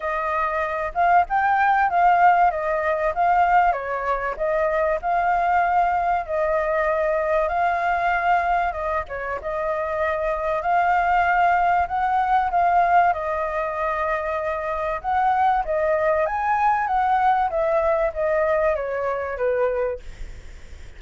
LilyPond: \new Staff \with { instrumentName = "flute" } { \time 4/4 \tempo 4 = 96 dis''4. f''8 g''4 f''4 | dis''4 f''4 cis''4 dis''4 | f''2 dis''2 | f''2 dis''8 cis''8 dis''4~ |
dis''4 f''2 fis''4 | f''4 dis''2. | fis''4 dis''4 gis''4 fis''4 | e''4 dis''4 cis''4 b'4 | }